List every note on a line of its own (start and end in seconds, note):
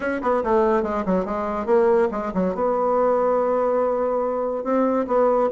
0.00 0.21 C#4
0.22 0.43 B3
0.43 0.83 A3
0.83 1.04 G#3
1.05 1.25 F#3
1.25 1.66 G#3
1.66 2.08 A#3
2.11 2.32 G#3
2.34 2.54 F#3
2.54 4.63 B3
4.63 5.06 C4
5.07 5.49 B3